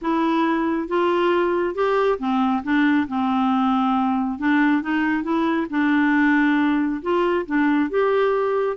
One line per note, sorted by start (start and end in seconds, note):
0.01 0.88 E4
0.88 1.74 F4
1.74 2.18 G4
2.18 2.62 C4
2.63 3.07 D4
3.08 4.39 C4
4.39 4.82 D4
4.82 5.23 D#4
5.23 5.67 E4
5.70 7.01 D4
7.02 7.45 F4
7.46 7.90 D4
7.90 8.77 G4